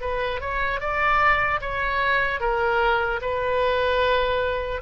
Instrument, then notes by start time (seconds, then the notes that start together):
oboe
0.00 B4
0.40 C#5
0.80 D5
1.61 C#5
2.40 A#4
3.21 B4